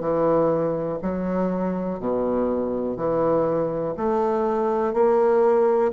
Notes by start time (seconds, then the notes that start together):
0.00 E3
1.02 F#3
1.99 B2
2.96 E3
3.97 A3
4.93 A#3